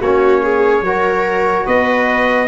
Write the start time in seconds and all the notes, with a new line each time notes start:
0.00 A#3 C#4 F#4 C#5
0.43 G#4
0.82 F#3 F#4 A#4
1.66 B3 B4 D#5